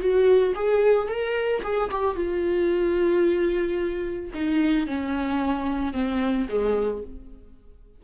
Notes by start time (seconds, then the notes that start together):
0.00 F#4
0.55 G#4
1.08 A#4
1.63 G#4
1.91 G4
2.15 F4
4.34 D#4
4.87 C#4
5.93 C4
6.49 G#3